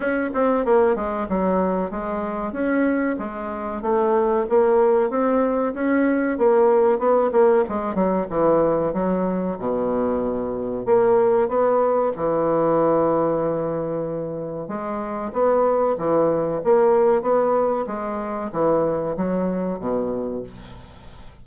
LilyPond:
\new Staff \with { instrumentName = "bassoon" } { \time 4/4 \tempo 4 = 94 cis'8 c'8 ais8 gis8 fis4 gis4 | cis'4 gis4 a4 ais4 | c'4 cis'4 ais4 b8 ais8 | gis8 fis8 e4 fis4 b,4~ |
b,4 ais4 b4 e4~ | e2. gis4 | b4 e4 ais4 b4 | gis4 e4 fis4 b,4 | }